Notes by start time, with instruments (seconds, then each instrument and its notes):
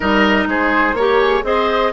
0.00 bassoon G3, clarinet D#4, oboe A#4, flute D#5
0.46 bassoon G#3, oboe G#4, flute C5
0.93 bassoon A#3, clarinet G4, flute A#4, oboe C#5
1.20 flute G#4
1.43 bassoon C4, clarinet G#4, oboe C5, flute D#5